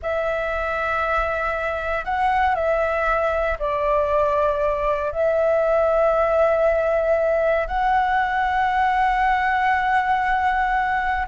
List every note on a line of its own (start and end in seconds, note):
0.02 2.05 E5
2.05 2.55 F#5
2.55 3.57 E5
3.59 5.11 D5
5.11 7.67 E5
7.67 11.26 F#5